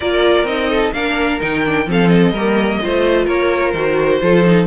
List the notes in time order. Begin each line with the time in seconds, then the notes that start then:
0.00 A#3 F4 A#4 D5
0.43 C4 D#4 D#5
0.69 A4
0.93 A#3 D4 A#4 F5
1.40 D#3 D#4 G5
1.65 D4
1.86 F3 C4 A4 F5
2.08 D#5
2.31 G3 A#3 A#4
2.82 A3 F4 C5
3.25 A#3 A#4 C#5
3.71 D#3 F#4 C5
4.21 F3 F4 A4
4.45 D#4